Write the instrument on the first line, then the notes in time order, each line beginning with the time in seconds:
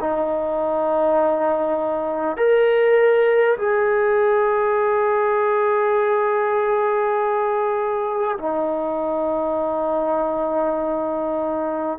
trombone
0.00 D#4
2.37 A#4
3.58 G#4
8.38 D#4